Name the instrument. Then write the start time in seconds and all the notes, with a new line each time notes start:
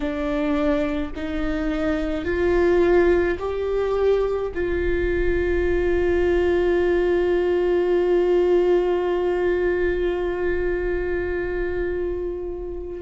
viola
0.00 D4
1.15 D#4
2.24 F4
3.39 G4
4.54 F4